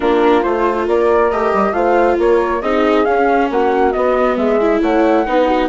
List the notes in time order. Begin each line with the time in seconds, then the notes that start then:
0.00 A#3 D4 F4 A#4
0.42 A3 F4 C5
0.86 A#3 A#4 D5
1.31 A3 G4 D#5
1.53 G3
1.72 A3 F4 C5 F5
2.18 A#3 A#4 C#5
2.61 C4 D#4 G#4 D#5
3.04 C#4 F5
3.50 A#3 F#4 F#5
3.92 B3 D#5
4.36 G#3 G#4 E5
4.60 E4
4.81 A3 C#5 F#5
5.25 B3 D#4 B4
5.46 F#4